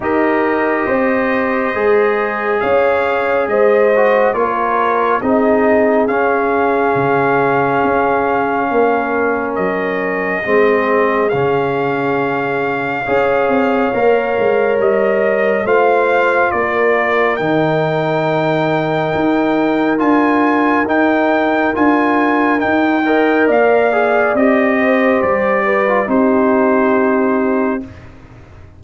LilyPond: <<
  \new Staff \with { instrumentName = "trumpet" } { \time 4/4 \tempo 4 = 69 dis''2. f''4 | dis''4 cis''4 dis''4 f''4~ | f''2. dis''4~ | dis''4 f''2.~ |
f''4 dis''4 f''4 d''4 | g''2. gis''4 | g''4 gis''4 g''4 f''4 | dis''4 d''4 c''2 | }
  \new Staff \with { instrumentName = "horn" } { \time 4/4 ais'4 c''2 cis''4 | c''4 ais'4 gis'2~ | gis'2 ais'2 | gis'2. cis''4~ |
cis''2 c''4 ais'4~ | ais'1~ | ais'2~ ais'8 dis''8 d''4~ | d''8 c''4 b'8 g'2 | }
  \new Staff \with { instrumentName = "trombone" } { \time 4/4 g'2 gis'2~ | gis'8 fis'8 f'4 dis'4 cis'4~ | cis'1 | c'4 cis'2 gis'4 |
ais'2 f'2 | dis'2. f'4 | dis'4 f'4 dis'8 ais'4 gis'8 | g'4.~ g'16 f'16 dis'2 | }
  \new Staff \with { instrumentName = "tuba" } { \time 4/4 dis'4 c'4 gis4 cis'4 | gis4 ais4 c'4 cis'4 | cis4 cis'4 ais4 fis4 | gis4 cis2 cis'8 c'8 |
ais8 gis8 g4 a4 ais4 | dis2 dis'4 d'4 | dis'4 d'4 dis'4 ais4 | c'4 g4 c'2 | }
>>